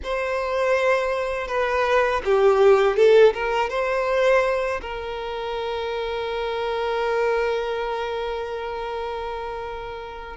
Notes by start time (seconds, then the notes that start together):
0.03 C5
1.47 B4
2.25 G4
2.96 A4
3.33 A#4
3.69 C5
4.81 A#4